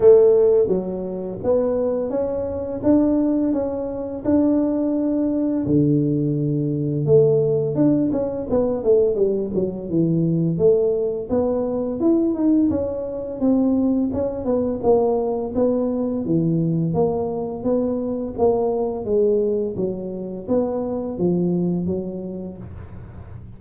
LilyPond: \new Staff \with { instrumentName = "tuba" } { \time 4/4 \tempo 4 = 85 a4 fis4 b4 cis'4 | d'4 cis'4 d'2 | d2 a4 d'8 cis'8 | b8 a8 g8 fis8 e4 a4 |
b4 e'8 dis'8 cis'4 c'4 | cis'8 b8 ais4 b4 e4 | ais4 b4 ais4 gis4 | fis4 b4 f4 fis4 | }